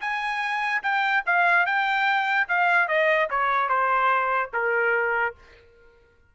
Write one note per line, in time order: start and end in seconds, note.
0.00 0.82 G#5
0.82 1.23 G5
1.26 1.65 F5
1.65 2.47 G5
2.48 2.88 F5
2.88 3.28 D#5
3.29 3.68 C#5
3.68 4.50 C5
4.53 5.34 A#4